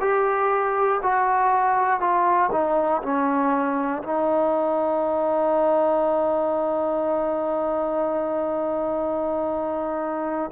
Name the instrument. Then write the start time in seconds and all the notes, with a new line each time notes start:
trombone
0.00 G4
1.03 F#4
2.00 F4
2.52 D#4
3.02 C#4
4.03 D#4